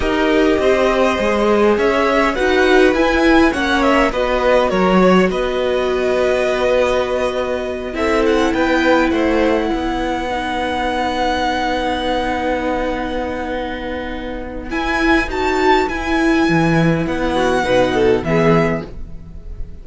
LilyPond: <<
  \new Staff \with { instrumentName = "violin" } { \time 4/4 \tempo 4 = 102 dis''2. e''4 | fis''4 gis''4 fis''8 e''8 dis''4 | cis''4 dis''2.~ | dis''4. e''8 fis''8 g''4 fis''8~ |
fis''1~ | fis''1~ | fis''4 gis''4 a''4 gis''4~ | gis''4 fis''2 e''4 | }
  \new Staff \with { instrumentName = "violin" } { \time 4/4 ais'4 c''2 cis''4 | b'2 cis''4 b'4 | ais'8 cis''8 b'2.~ | b'4. a'4 b'4 c''8~ |
c''8 b'2.~ b'8~ | b'1~ | b'1~ | b'4. fis'8 b'8 a'8 gis'4 | }
  \new Staff \with { instrumentName = "viola" } { \time 4/4 g'2 gis'2 | fis'4 e'4 cis'4 fis'4~ | fis'1~ | fis'4. e'2~ e'8~ |
e'4. dis'2~ dis'8~ | dis'1~ | dis'4 e'4 fis'4 e'4~ | e'2 dis'4 b4 | }
  \new Staff \with { instrumentName = "cello" } { \time 4/4 dis'4 c'4 gis4 cis'4 | dis'4 e'4 ais4 b4 | fis4 b2.~ | b4. c'4 b4 a8~ |
a8 b2.~ b8~ | b1~ | b4 e'4 dis'4 e'4 | e4 b4 b,4 e4 | }
>>